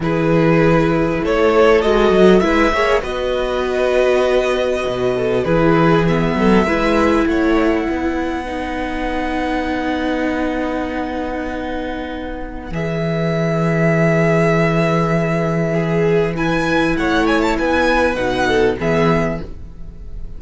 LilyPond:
<<
  \new Staff \with { instrumentName = "violin" } { \time 4/4 \tempo 4 = 99 b'2 cis''4 dis''4 | e''4 dis''2.~ | dis''4 b'4 e''2 | fis''1~ |
fis''1~ | fis''4 e''2.~ | e''2. gis''4 | fis''8 gis''16 a''16 gis''4 fis''4 e''4 | }
  \new Staff \with { instrumentName = "violin" } { \time 4/4 gis'2 a'2 | b'8 cis''8 b'2.~ | b'8 a'8 gis'4. a'8 b'4 | cis''4 b'2.~ |
b'1~ | b'1~ | b'2 gis'4 b'4 | cis''4 b'4. a'8 gis'4 | }
  \new Staff \with { instrumentName = "viola" } { \time 4/4 e'2. fis'4 | e'8 gis'8 fis'2.~ | fis'4 e'4 b4 e'4~ | e'2 dis'2~ |
dis'1~ | dis'4 gis'2.~ | gis'2. e'4~ | e'2 dis'4 b4 | }
  \new Staff \with { instrumentName = "cello" } { \time 4/4 e2 a4 gis8 fis8 | gis8 ais8 b2. | b,4 e4. fis8 gis4 | a4 b2.~ |
b1~ | b4 e2.~ | e1 | a4 b4 b,4 e4 | }
>>